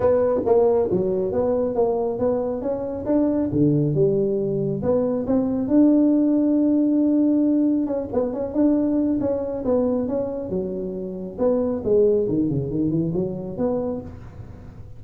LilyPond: \new Staff \with { instrumentName = "tuba" } { \time 4/4 \tempo 4 = 137 b4 ais4 fis4 b4 | ais4 b4 cis'4 d'4 | d4 g2 b4 | c'4 d'2.~ |
d'2 cis'8 b8 cis'8 d'8~ | d'4 cis'4 b4 cis'4 | fis2 b4 gis4 | dis8 cis8 dis8 e8 fis4 b4 | }